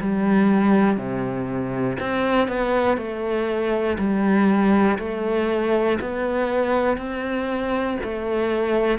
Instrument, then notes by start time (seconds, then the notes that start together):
cello
0.00 G3
0.97 C3
2.00 C4
2.48 B3
2.97 A3
3.98 G3
4.98 A3
6.00 B3
6.97 C4
8.03 A3